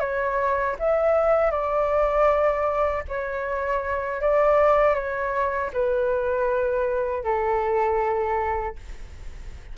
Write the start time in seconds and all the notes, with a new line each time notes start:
0.00 C#5
0.79 E5
1.51 D5
3.08 C#5
4.21 D5
4.95 C#5
5.73 B4
7.24 A4